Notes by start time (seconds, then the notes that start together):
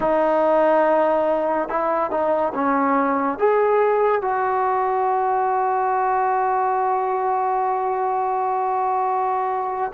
0.00 D#4
1.68 E4
2.10 D#4
2.54 C#4
3.38 G#4
4.21 F#4